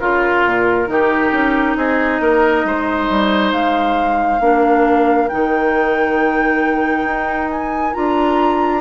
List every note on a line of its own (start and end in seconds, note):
0.00 0.45 C#3
0.00 0.88 F4
0.00 0.87 F4
0.00 1.76 A#4
0.46 0.88 A#2
0.87 1.32 D#3
0.87 4.40 D#4
0.87 1.77 G4
1.32 1.76 C#4
1.76 2.20 C4
1.76 2.22 G#4
1.76 3.52 D#5
2.20 2.65 A#3
2.20 2.66 A#4
2.65 3.09 G#3
2.65 4.41 C5
3.10 3.53 G3
3.52 4.40 G#3
3.52 5.29 F5
4.40 5.28 A#3
4.40 5.29 D4
4.40 8.81 A#4
5.29 7.05 D#3
5.29 7.94 D#4
5.29 7.49 G5
7.05 7.93 D#4
7.51 7.94 G#5
7.94 8.81 D4
7.94 8.81 F4
7.94 8.81 A#5